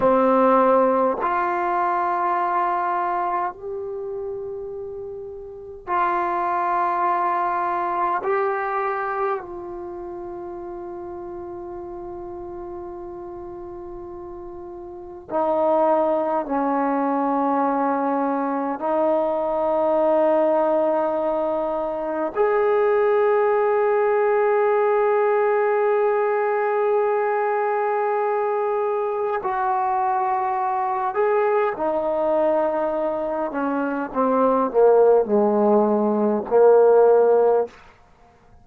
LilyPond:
\new Staff \with { instrumentName = "trombone" } { \time 4/4 \tempo 4 = 51 c'4 f'2 g'4~ | g'4 f'2 g'4 | f'1~ | f'4 dis'4 cis'2 |
dis'2. gis'4~ | gis'1~ | gis'4 fis'4. gis'8 dis'4~ | dis'8 cis'8 c'8 ais8 gis4 ais4 | }